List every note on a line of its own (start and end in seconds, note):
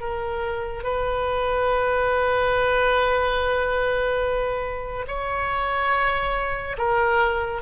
0.00 0.83 A#4
0.83 5.06 B4
5.07 6.76 C#5
6.78 7.62 A#4